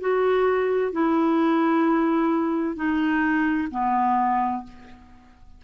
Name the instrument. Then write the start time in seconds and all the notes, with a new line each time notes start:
clarinet
0.00 F#4
0.92 E4
2.76 D#4
3.71 B3